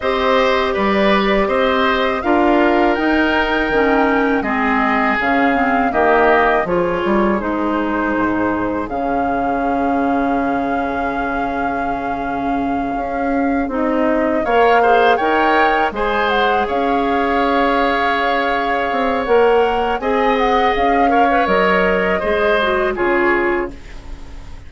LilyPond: <<
  \new Staff \with { instrumentName = "flute" } { \time 4/4 \tempo 4 = 81 dis''4 d''4 dis''4 f''4 | g''2 dis''4 f''4 | dis''4 cis''4 c''2 | f''1~ |
f''2~ f''8 dis''4 f''8~ | f''8 g''4 gis''8 fis''8 f''4.~ | f''2 fis''4 gis''8 fis''8 | f''4 dis''2 cis''4 | }
  \new Staff \with { instrumentName = "oboe" } { \time 4/4 c''4 b'4 c''4 ais'4~ | ais'2 gis'2 | g'4 gis'2.~ | gis'1~ |
gis'2.~ gis'8 cis''8 | c''8 cis''4 c''4 cis''4.~ | cis''2. dis''4~ | dis''8 cis''4. c''4 gis'4 | }
  \new Staff \with { instrumentName = "clarinet" } { \time 4/4 g'2. f'4 | dis'4 cis'4 c'4 cis'8 c'8 | ais4 f'4 dis'2 | cis'1~ |
cis'2~ cis'8 dis'4 ais'8 | gis'8 ais'4 gis'2~ gis'8~ | gis'2 ais'4 gis'4~ | gis'8 ais'16 b'16 ais'4 gis'8 fis'8 f'4 | }
  \new Staff \with { instrumentName = "bassoon" } { \time 4/4 c'4 g4 c'4 d'4 | dis'4 dis4 gis4 cis4 | dis4 f8 g8 gis4 gis,4 | cis1~ |
cis4. cis'4 c'4 ais8~ | ais8 dis'4 gis4 cis'4.~ | cis'4. c'8 ais4 c'4 | cis'4 fis4 gis4 cis4 | }
>>